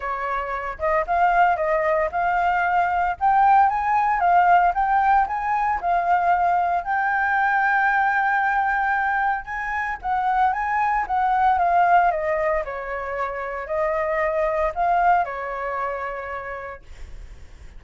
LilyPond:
\new Staff \with { instrumentName = "flute" } { \time 4/4 \tempo 4 = 114 cis''4. dis''8 f''4 dis''4 | f''2 g''4 gis''4 | f''4 g''4 gis''4 f''4~ | f''4 g''2.~ |
g''2 gis''4 fis''4 | gis''4 fis''4 f''4 dis''4 | cis''2 dis''2 | f''4 cis''2. | }